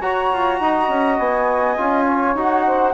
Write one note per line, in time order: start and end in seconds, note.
0.00 0.30 F#4
0.00 1.78 F#4
0.00 0.59 C#5
0.00 1.19 A#5
0.33 0.60 F4
0.60 0.89 D#4
0.60 2.06 D#5
0.89 1.18 C#4
1.18 1.77 B3
1.18 2.37 G#5
1.78 2.35 C#4
1.78 2.36 F4
2.06 2.64 C#5
2.35 2.94 D#4
2.35 2.94 F#4
2.35 2.94 F#5
2.66 2.94 C5